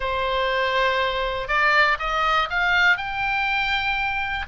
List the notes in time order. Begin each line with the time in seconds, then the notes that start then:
0.00 C5
1.48 D5
1.99 D#5
2.50 F5
2.97 G5